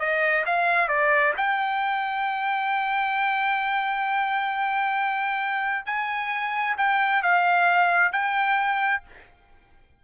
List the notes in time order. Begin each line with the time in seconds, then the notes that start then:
0.00 D#5
0.46 F5
0.89 D5
1.37 G5
5.86 G#5
6.78 G5
7.23 F5
8.12 G5